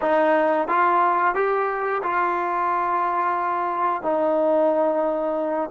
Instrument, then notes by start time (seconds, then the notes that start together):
trombone
0.01 D#4
0.68 F4
1.34 G4
2.03 F4
4.02 D#4